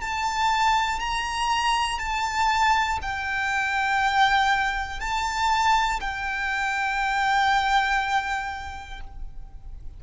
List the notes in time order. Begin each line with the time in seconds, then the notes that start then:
0.00 A5
1.00 A#5
1.99 A5
3.01 G5
5.00 A5
6.00 G5